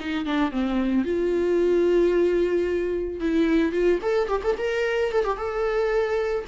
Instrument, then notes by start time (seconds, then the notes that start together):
viola
0.00 D#4
0.26 D4
0.52 C4
1.05 F4
3.21 E4
3.73 F4
4.02 A4
4.29 G4
4.43 A4
4.58 A#4
5.12 A4
5.25 G4
5.37 A4